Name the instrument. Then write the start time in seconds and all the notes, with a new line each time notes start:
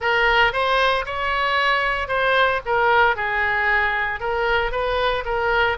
oboe
0.00 A#4
0.52 C5
1.05 C#5
2.08 C5
2.65 A#4
3.16 G#4
4.19 A#4
4.71 B4
5.25 A#4